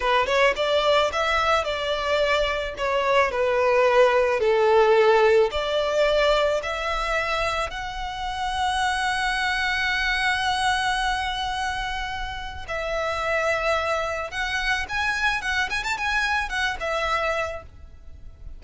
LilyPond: \new Staff \with { instrumentName = "violin" } { \time 4/4 \tempo 4 = 109 b'8 cis''8 d''4 e''4 d''4~ | d''4 cis''4 b'2 | a'2 d''2 | e''2 fis''2~ |
fis''1~ | fis''2. e''4~ | e''2 fis''4 gis''4 | fis''8 gis''16 a''16 gis''4 fis''8 e''4. | }